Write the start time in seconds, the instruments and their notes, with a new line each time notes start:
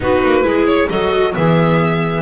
0.00 double bass B3, viola D#4, clarinet F#4, violin B4
0.23 double bass A#3
0.42 double bass G#3, viola E4, clarinet G#4
0.66 violin C#5
0.89 double bass F#3, viola F#4, clarinet A4, violin D#5
1.32 double bass E3, viola B3, clarinet G#4, violin E5